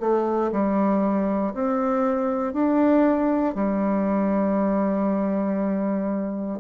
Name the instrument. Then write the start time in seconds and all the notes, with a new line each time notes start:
bassoon
0.00 A3
0.52 G3
1.54 C4
2.53 D4
3.55 G3